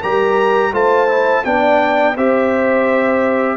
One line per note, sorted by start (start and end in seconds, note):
0.00 0.72 G3
0.00 0.73 G4
0.00 0.71 A#4
0.00 0.74 A#5
0.72 1.43 A3
0.72 1.08 F4
0.72 1.44 C5
0.72 1.44 A5
1.08 1.43 E4
1.44 2.16 B3
1.44 2.16 D4
1.44 2.17 D5
1.44 2.16 G5
2.16 3.57 C4
2.16 3.57 G4
2.16 3.57 C5
2.16 3.57 E5